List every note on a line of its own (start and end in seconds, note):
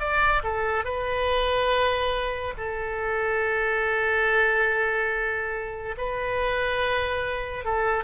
0.00 0.42 D5
0.43 0.85 A4
0.85 2.54 B4
2.58 5.96 A4
5.98 7.65 B4
7.65 8.04 A4